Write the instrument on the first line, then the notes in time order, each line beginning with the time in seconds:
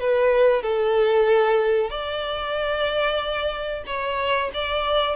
violin
0.00 B4
0.62 A4
1.91 D5
3.87 C#5
4.54 D5